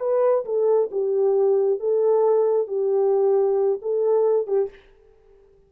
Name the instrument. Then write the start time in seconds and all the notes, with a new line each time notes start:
horn
0.00 B4
0.45 A4
0.92 G4
1.80 A4
2.68 G4
3.82 A4
4.48 G4